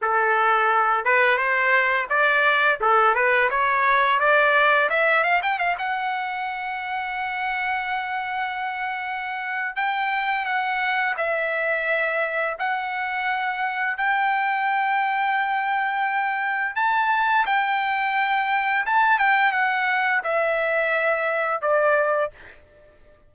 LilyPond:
\new Staff \with { instrumentName = "trumpet" } { \time 4/4 \tempo 4 = 86 a'4. b'8 c''4 d''4 | a'8 b'8 cis''4 d''4 e''8 f''16 g''16 | f''16 fis''2.~ fis''8.~ | fis''2 g''4 fis''4 |
e''2 fis''2 | g''1 | a''4 g''2 a''8 g''8 | fis''4 e''2 d''4 | }